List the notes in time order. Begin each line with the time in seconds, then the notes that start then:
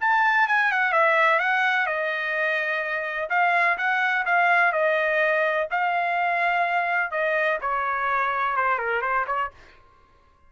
0.00 A5
0.47 G#5
0.71 F#5
0.92 E5
1.39 F#5
1.86 D#5
3.29 F5
3.77 F#5
4.25 F5
4.72 D#5
5.70 F5
7.11 D#5
7.61 C#5
8.56 C5
8.78 A#4
9.01 C5
9.26 C#5